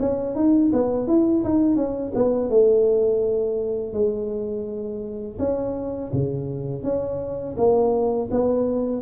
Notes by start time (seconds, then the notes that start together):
0.00 C#4
0.35 D#4
0.72 B3
1.07 E4
1.44 D#4
1.76 C#4
2.15 B3
2.49 A3
3.93 G#3
5.39 C#4
6.13 C#3
6.83 C#4
7.57 A#3
8.31 B3